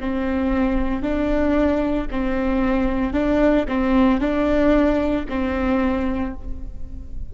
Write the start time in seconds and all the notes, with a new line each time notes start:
0.00 C4
1.02 D4
2.11 C4
3.13 D4
3.68 C4
4.21 D4
5.29 C4